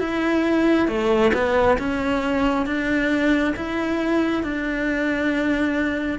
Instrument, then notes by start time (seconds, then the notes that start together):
cello
0.00 E4
0.88 A3
1.34 B3
1.78 C#4
2.66 D4
3.57 E4
4.43 D4